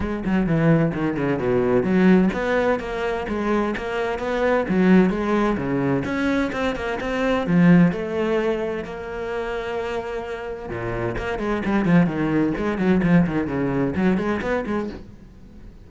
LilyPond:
\new Staff \with { instrumentName = "cello" } { \time 4/4 \tempo 4 = 129 gis8 fis8 e4 dis8 cis8 b,4 | fis4 b4 ais4 gis4 | ais4 b4 fis4 gis4 | cis4 cis'4 c'8 ais8 c'4 |
f4 a2 ais4~ | ais2. ais,4 | ais8 gis8 g8 f8 dis4 gis8 fis8 | f8 dis8 cis4 fis8 gis8 b8 gis8 | }